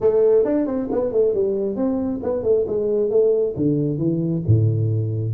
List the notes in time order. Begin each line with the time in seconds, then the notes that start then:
0.00 A3
0.44 D4
0.66 C4
0.91 B3
1.12 A3
1.33 G3
1.76 C4
2.22 B3
2.43 A3
2.67 G#3
3.09 A3
3.56 D3
3.98 E3
4.46 A2